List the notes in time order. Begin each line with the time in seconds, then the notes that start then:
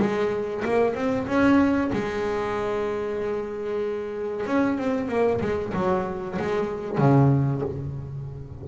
0.00 G#3
0.65 A#3
0.95 C4
1.27 C#4
1.93 G#3
4.47 C#4
4.78 C4
5.09 A#3
5.42 G#3
5.74 F#3
6.39 G#3
6.99 C#3